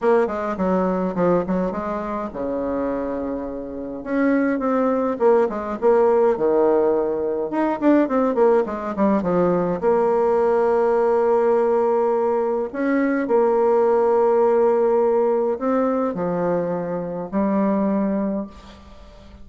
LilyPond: \new Staff \with { instrumentName = "bassoon" } { \time 4/4 \tempo 4 = 104 ais8 gis8 fis4 f8 fis8 gis4 | cis2. cis'4 | c'4 ais8 gis8 ais4 dis4~ | dis4 dis'8 d'8 c'8 ais8 gis8 g8 |
f4 ais2.~ | ais2 cis'4 ais4~ | ais2. c'4 | f2 g2 | }